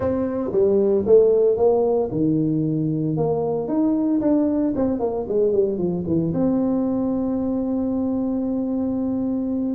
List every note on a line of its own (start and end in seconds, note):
0.00 0.51 C4
0.52 1.04 G3
1.06 1.56 A3
1.56 2.09 A#3
2.11 3.16 D#3
3.16 3.67 A#3
3.67 4.20 D#4
4.21 4.73 D4
4.75 4.99 C4
4.99 5.26 A#3
5.28 5.52 G#3
5.52 5.78 G3
5.78 6.04 F3
6.06 6.33 E3
6.33 9.74 C4